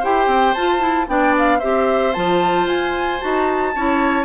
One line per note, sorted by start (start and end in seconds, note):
0.00 0.27 E4
0.00 0.56 G4
0.00 1.06 C5
0.00 0.54 G5
0.27 0.54 C4
0.54 1.08 F4
0.54 0.80 F4
0.54 1.07 A5
0.80 1.06 E4
1.08 1.61 B3
1.08 1.61 D4
1.08 1.59 D5
1.08 1.36 G5
1.39 1.60 F5
1.59 2.16 C4
1.59 2.15 G4
1.59 3.72 C5
1.59 2.13 E5
2.13 2.66 F3
2.13 3.20 F4
2.13 2.67 A5
2.66 3.19 F4
2.66 3.21 G#5
3.20 3.76 D#4
3.20 3.73 F#4
3.20 4.25 A5
3.76 4.25 C#4
3.76 4.25 E4
3.76 4.25 C#5